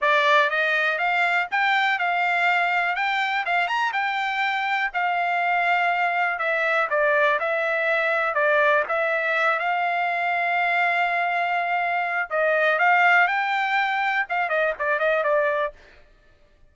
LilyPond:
\new Staff \with { instrumentName = "trumpet" } { \time 4/4 \tempo 4 = 122 d''4 dis''4 f''4 g''4 | f''2 g''4 f''8 ais''8 | g''2 f''2~ | f''4 e''4 d''4 e''4~ |
e''4 d''4 e''4. f''8~ | f''1~ | f''4 dis''4 f''4 g''4~ | g''4 f''8 dis''8 d''8 dis''8 d''4 | }